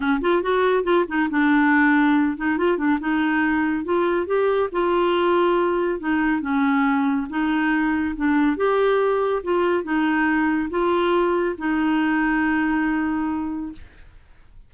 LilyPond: \new Staff \with { instrumentName = "clarinet" } { \time 4/4 \tempo 4 = 140 cis'8 f'8 fis'4 f'8 dis'8 d'4~ | d'4. dis'8 f'8 d'8 dis'4~ | dis'4 f'4 g'4 f'4~ | f'2 dis'4 cis'4~ |
cis'4 dis'2 d'4 | g'2 f'4 dis'4~ | dis'4 f'2 dis'4~ | dis'1 | }